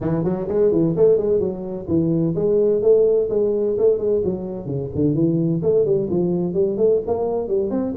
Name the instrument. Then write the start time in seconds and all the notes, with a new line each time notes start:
tuba
0.01 E3
0.24 F#3
0.48 G#3
0.71 E3
0.96 A3
1.17 G#3
1.39 F#3
1.87 E3
2.35 G#3
2.81 A3
3.29 G#3
3.77 A3
3.98 G#3
4.24 F#3
4.66 C#3
4.95 D3
5.14 E3
5.62 A3
5.85 G3
6.10 F3
6.53 G3
6.77 A3
7.07 A#3
7.48 G3
7.70 C4